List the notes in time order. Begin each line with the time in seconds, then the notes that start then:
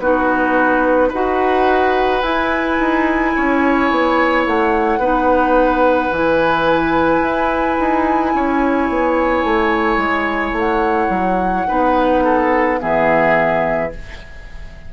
0.00 B3 D#4 F#4 B4
1.09 D#4 F#4 B4 F#5
2.22 E4 G#5
2.79 D#4
3.36 C#4 C#5
3.91 B3
4.47 A3 F#5
4.99 B3 D#4 B4
6.11 E3 E4 G#5
7.22 E4
7.80 D#4
8.35 C#4 C#5
8.89 B3
9.44 A3
9.98 G#3
10.52 A3
10.59 F#5
11.10 F#3
11.68 B3 D#4 B4
12.24 A4
12.80 E3 B3 G#4 E5